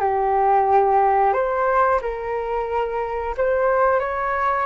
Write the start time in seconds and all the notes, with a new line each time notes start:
0.00 G4
1.33 C5
2.02 A#4
3.38 C5
4.00 C#5